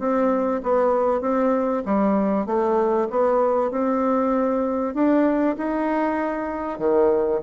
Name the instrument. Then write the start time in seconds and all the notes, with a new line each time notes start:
bassoon
0.00 C4
0.63 B3
1.21 C4
1.86 G3
2.47 A3
3.11 B3
3.71 C4
4.95 D4
5.58 D#4
6.79 D#3